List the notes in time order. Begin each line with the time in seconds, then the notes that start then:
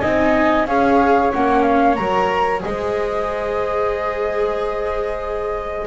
0.00 C4 D#4 D#5 G#5
0.67 C#4 G#4 C#5 F5
1.33 A#3 C#4 F#5
1.62 F5
1.95 F#3 A#4 A#5
2.61 G#3 G#4 C5 D#5